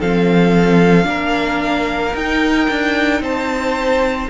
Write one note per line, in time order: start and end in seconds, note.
0.00 1.06 F3
0.00 1.04 C4
0.00 1.07 A4
0.00 2.16 F5
1.04 2.14 A#3
1.04 2.11 D4
1.04 3.22 A#4
2.15 2.68 D#4
2.15 4.31 D#4
2.15 3.23 G5
2.70 3.21 D4
3.21 4.28 C4
3.21 4.30 C5
3.21 4.31 A5